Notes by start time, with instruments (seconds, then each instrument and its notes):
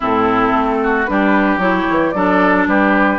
0.00 bassoon A2, clarinet C4, oboe E4, flute A4
0.53 bassoon A3
0.83 oboe F#4
1.05 bassoon G3, clarinet D4, oboe G4, flute B4
1.57 bassoon F#3, clarinet E4, flute C#5
1.90 bassoon E3
2.11 bassoon F#3, clarinet D4, oboe A4, flute D5
2.67 bassoon G3, oboe G4, flute B4